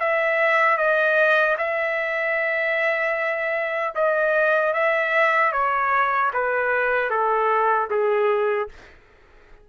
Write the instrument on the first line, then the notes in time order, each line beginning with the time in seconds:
trumpet
0.00 E5
0.78 D#5
1.58 E5
3.95 D#5
4.74 E5
5.53 C#5
6.34 B4
7.11 A4
7.91 G#4